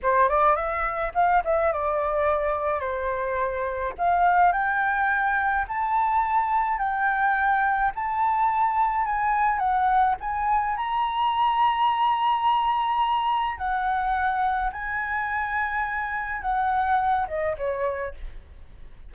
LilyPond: \new Staff \with { instrumentName = "flute" } { \time 4/4 \tempo 4 = 106 c''8 d''8 e''4 f''8 e''8 d''4~ | d''4 c''2 f''4 | g''2 a''2 | g''2 a''2 |
gis''4 fis''4 gis''4 ais''4~ | ais''1 | fis''2 gis''2~ | gis''4 fis''4. dis''8 cis''4 | }